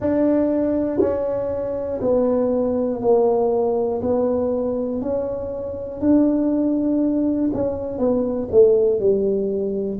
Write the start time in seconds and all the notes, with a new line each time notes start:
0.00 D4
1.00 C#4
2.00 B3
3.01 A#3
4.01 B3
5.01 C#4
6.00 D4
7.53 C#4
7.98 B3
8.50 A3
8.99 G3